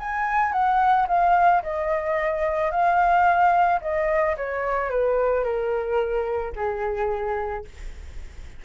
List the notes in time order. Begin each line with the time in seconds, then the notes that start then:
0.00 G#5
0.53 F#5
1.08 F5
1.63 D#5
2.71 F5
3.82 D#5
4.37 C#5
4.90 B4
5.44 A#4
6.56 G#4